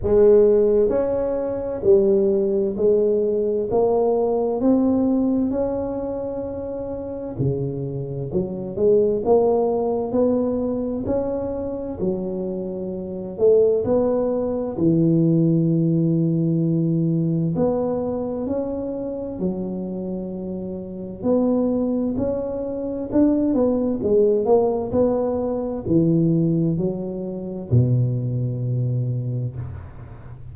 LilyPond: \new Staff \with { instrumentName = "tuba" } { \time 4/4 \tempo 4 = 65 gis4 cis'4 g4 gis4 | ais4 c'4 cis'2 | cis4 fis8 gis8 ais4 b4 | cis'4 fis4. a8 b4 |
e2. b4 | cis'4 fis2 b4 | cis'4 d'8 b8 gis8 ais8 b4 | e4 fis4 b,2 | }